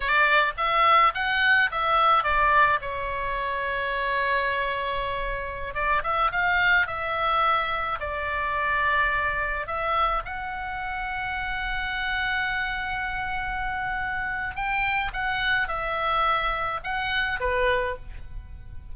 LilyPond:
\new Staff \with { instrumentName = "oboe" } { \time 4/4 \tempo 4 = 107 d''4 e''4 fis''4 e''4 | d''4 cis''2.~ | cis''2~ cis''16 d''8 e''8 f''8.~ | f''16 e''2 d''4.~ d''16~ |
d''4~ d''16 e''4 fis''4.~ fis''16~ | fis''1~ | fis''2 g''4 fis''4 | e''2 fis''4 b'4 | }